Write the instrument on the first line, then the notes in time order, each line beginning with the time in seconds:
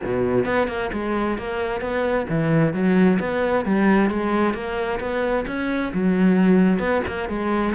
cello
0.04 B2
0.45 B3
0.67 A#3
0.93 G#3
1.38 A#3
1.81 B3
2.29 E3
2.73 F#3
3.19 B3
3.65 G3
4.10 G#3
4.54 A#3
5.00 B3
5.46 C#4
5.93 F#3
6.79 B3
7.07 A#3
7.28 G#3